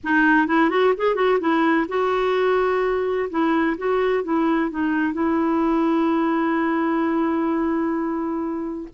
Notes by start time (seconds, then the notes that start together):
0.03 D#4
0.47 E4
0.70 F#4
0.97 G#4
1.15 F#4
1.40 E4
1.88 F#4
3.29 E4
3.77 F#4
4.23 E4
4.70 D#4
5.13 E4